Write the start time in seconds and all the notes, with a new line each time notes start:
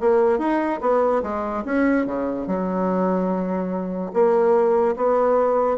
0.00 A#3
0.38 D#4
0.81 B3
1.23 G#3
1.65 C#4
2.05 C#3
2.47 F#3
4.13 A#3
4.96 B3